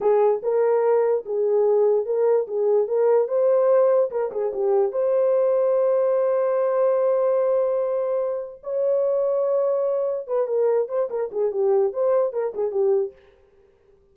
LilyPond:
\new Staff \with { instrumentName = "horn" } { \time 4/4 \tempo 4 = 146 gis'4 ais'2 gis'4~ | gis'4 ais'4 gis'4 ais'4 | c''2 ais'8 gis'8 g'4 | c''1~ |
c''1~ | c''4 cis''2.~ | cis''4 b'8 ais'4 c''8 ais'8 gis'8 | g'4 c''4 ais'8 gis'8 g'4 | }